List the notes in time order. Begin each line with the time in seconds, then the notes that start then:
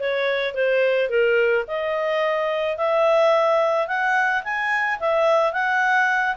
0.00 C#5
0.54 C5
1.10 A#4
1.68 D#5
2.78 E5
3.88 F#5
4.44 G#5
5.00 E5
5.53 F#5